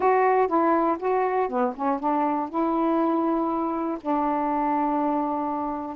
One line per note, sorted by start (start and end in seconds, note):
0.00 0.47 F#4
0.47 0.97 E4
0.99 1.48 F#4
1.49 1.73 B3
1.75 1.99 C#4
1.99 2.49 D4
2.49 3.98 E4
4.00 5.96 D4